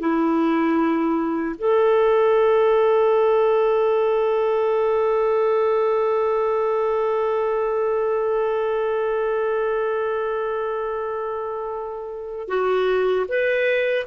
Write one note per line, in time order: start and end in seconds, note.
0.00 1.56 E4
1.59 12.48 A4
12.48 13.26 F#4
13.29 14.06 B4